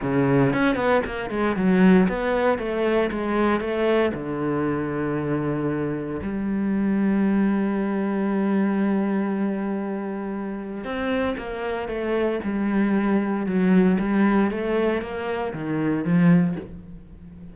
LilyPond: \new Staff \with { instrumentName = "cello" } { \time 4/4 \tempo 4 = 116 cis4 cis'8 b8 ais8 gis8 fis4 | b4 a4 gis4 a4 | d1 | g1~ |
g1~ | g4 c'4 ais4 a4 | g2 fis4 g4 | a4 ais4 dis4 f4 | }